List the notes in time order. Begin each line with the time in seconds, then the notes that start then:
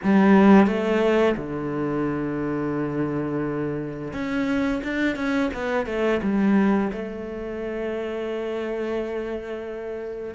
0.03 G3
0.66 A3
1.36 D3
4.13 C#4
4.83 D4
5.15 C#4
5.53 B3
5.86 A3
6.22 G3
6.92 A3